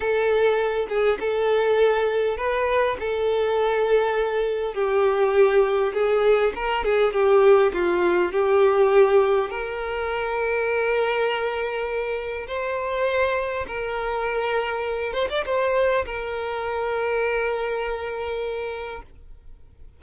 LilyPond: \new Staff \with { instrumentName = "violin" } { \time 4/4 \tempo 4 = 101 a'4. gis'8 a'2 | b'4 a'2. | g'2 gis'4 ais'8 gis'8 | g'4 f'4 g'2 |
ais'1~ | ais'4 c''2 ais'4~ | ais'4. c''16 d''16 c''4 ais'4~ | ais'1 | }